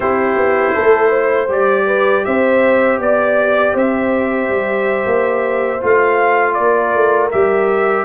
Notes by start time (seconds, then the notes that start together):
0.00 C4 E4 G4 C5
0.35 B3
0.74 A3 A4
1.08 C5
1.48 G3 G4 D5
1.86 B4
2.24 C4 C5 E5
2.98 B3 D5
3.73 C4 C5 E5
4.48 G3
5.05 A#3
5.81 A3 F4 F5
6.54 A#3 A#4 D5
6.94 A3
7.31 G3 G4 E5